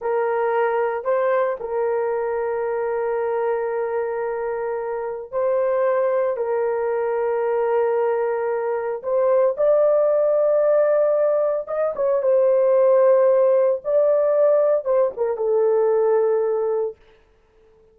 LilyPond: \new Staff \with { instrumentName = "horn" } { \time 4/4 \tempo 4 = 113 ais'2 c''4 ais'4~ | ais'1~ | ais'2 c''2 | ais'1~ |
ais'4 c''4 d''2~ | d''2 dis''8 cis''8 c''4~ | c''2 d''2 | c''8 ais'8 a'2. | }